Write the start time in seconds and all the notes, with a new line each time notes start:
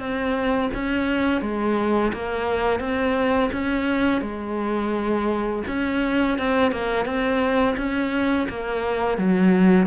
0.00 C4
0.75 C#4
1.42 G#3
2.13 A#3
2.80 C4
3.53 C#4
4.22 G#3
5.68 C#4
6.39 C4
6.72 A#3
7.06 C4
7.77 C#4
8.50 A#3
9.18 F#3